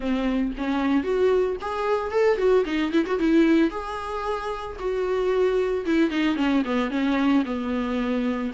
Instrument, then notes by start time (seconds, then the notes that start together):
viola
0.00 C4
0.57 C#4
1.03 F#4
1.61 G#4
2.11 A4
2.37 F#4
2.65 D#4
2.92 E4
3.06 F#4
3.19 E4
3.70 G#4
4.79 F#4
5.85 E4
6.10 D#4
6.36 C#4
6.64 B3
6.90 C#4
7.45 B3